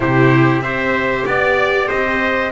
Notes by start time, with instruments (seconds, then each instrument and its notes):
0.00 double bass C3, viola E4, trumpet G4 C5
0.60 double bass C4, viola G4, trumpet C5 E5
1.26 double bass B3, trumpet D5
1.88 double bass C4, trumpet C5 D#5